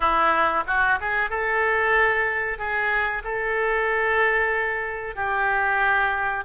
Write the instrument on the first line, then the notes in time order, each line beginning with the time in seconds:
oboe
0.00 E4
0.67 F#4
1.00 G#4
1.30 A4
2.58 G#4
3.23 A4
5.15 G4